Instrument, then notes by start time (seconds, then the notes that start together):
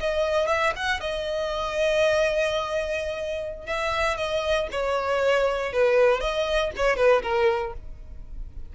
violin
0.00 D#5
0.47 E5
0.76 F#5
1.00 D#5
3.66 E5
4.17 D#5
4.71 C#5
5.72 B4
6.20 D#5
6.76 C#5
6.96 B4
7.22 A#4